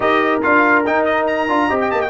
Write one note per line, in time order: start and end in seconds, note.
0.00 0.41 D#4
0.00 0.41 G4
0.00 1.68 A#4
0.00 0.41 D#5
0.42 0.86 D4
0.42 0.84 F4
0.42 0.85 F5
0.85 1.48 D#4
0.85 1.49 D#4
0.85 1.04 G5
1.04 1.25 D#5
1.26 1.79 A#5
1.48 1.70 D4
1.48 1.69 F4
1.68 1.92 C4
1.68 2.09 G4
1.68 2.09 D#5
1.81 1.91 G5
1.91 2.09 A#3
1.91 2.01 A5
2.01 2.09 G5